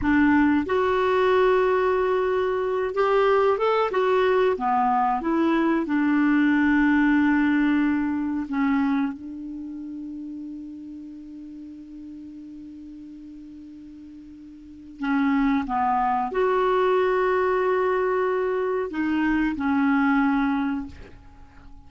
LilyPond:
\new Staff \with { instrumentName = "clarinet" } { \time 4/4 \tempo 4 = 92 d'4 fis'2.~ | fis'8 g'4 a'8 fis'4 b4 | e'4 d'2.~ | d'4 cis'4 d'2~ |
d'1~ | d'2. cis'4 | b4 fis'2.~ | fis'4 dis'4 cis'2 | }